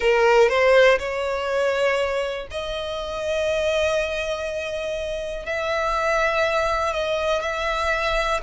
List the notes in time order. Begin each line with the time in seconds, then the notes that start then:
0.00 A#4
0.48 C5
0.98 C#5
2.50 D#5
5.46 E5
6.93 D#5
7.41 E5